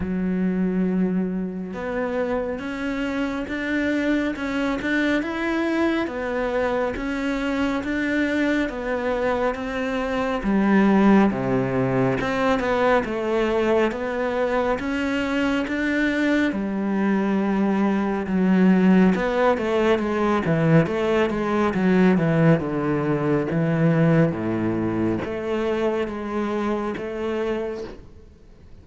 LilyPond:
\new Staff \with { instrumentName = "cello" } { \time 4/4 \tempo 4 = 69 fis2 b4 cis'4 | d'4 cis'8 d'8 e'4 b4 | cis'4 d'4 b4 c'4 | g4 c4 c'8 b8 a4 |
b4 cis'4 d'4 g4~ | g4 fis4 b8 a8 gis8 e8 | a8 gis8 fis8 e8 d4 e4 | a,4 a4 gis4 a4 | }